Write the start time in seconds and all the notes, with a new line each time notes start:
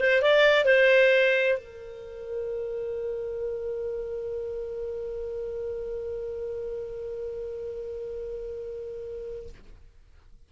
0.00 C5
0.22 D5
0.65 C5
1.58 A#4